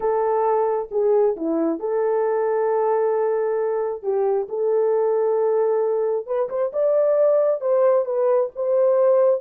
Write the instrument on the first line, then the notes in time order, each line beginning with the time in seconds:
horn
0.00 A4
0.91 G#4
1.36 E4
1.79 A4
4.02 G4
4.49 A4
6.26 B4
6.49 C5
6.72 D5
7.60 C5
8.05 B4
8.55 C5